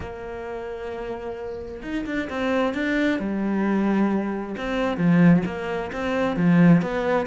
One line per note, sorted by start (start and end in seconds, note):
0.00 1.81 A#3
1.82 2.05 D#4
2.06 2.29 D4
2.29 2.74 C4
2.74 3.19 D4
3.19 4.55 G3
4.57 4.97 C4
4.97 5.42 F3
5.45 5.91 A#3
5.92 6.36 C4
6.36 6.81 F3
6.82 7.26 B3